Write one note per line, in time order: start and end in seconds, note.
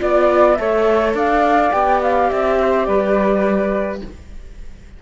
0.00 0.59 B3
0.00 0.57 F4
0.00 0.59 D5
0.00 0.55 D5
0.55 1.14 A3
0.55 1.72 A4
0.55 1.15 C#5
0.55 1.12 E5
1.14 1.71 D4
1.14 2.58 D5
1.14 1.73 F5
1.72 2.31 B3
1.72 4.00 G4
1.72 2.01 G5
2.02 2.30 F5
2.30 2.88 C4
2.30 2.86 E5
2.61 2.88 C5
2.86 4.02 G3
2.86 4.02 B4
2.86 4.00 D5